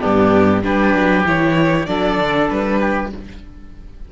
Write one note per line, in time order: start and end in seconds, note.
0.00 0.65 G2
0.00 0.63 B3
0.00 0.62 D4
0.00 0.63 G4
0.64 0.94 G3
0.64 1.25 D4
0.64 1.89 G4
0.64 1.26 B4
0.94 1.25 F#3
1.26 1.87 E3
1.26 1.87 E4
1.26 1.86 C#5
1.86 2.18 F#3
1.86 3.11 D4
1.86 2.80 A4
1.86 2.48 D5
2.18 2.48 D3
2.50 3.13 G3
2.50 3.12 B4
2.80 3.11 G4